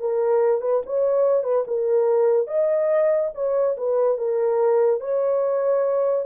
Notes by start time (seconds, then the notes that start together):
0.00 A#4
0.61 B4
0.86 C#5
1.44 B4
1.67 A#4
2.47 D#5
3.34 C#5
3.77 B4
4.18 A#4
5.00 C#5